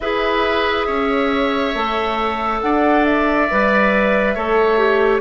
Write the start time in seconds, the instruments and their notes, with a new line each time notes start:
0.00 bassoon E4, clarinet G#4, oboe B4, flute E5
0.86 bassoon C#4, oboe C#5
1.74 bassoon A3, clarinet A4
2.61 bassoon D4, oboe D5, flute F#5
3.04 flute E5
3.50 bassoon G3, clarinet B4
4.34 bassoon A3, clarinet A4, oboe C#5
4.78 clarinet G4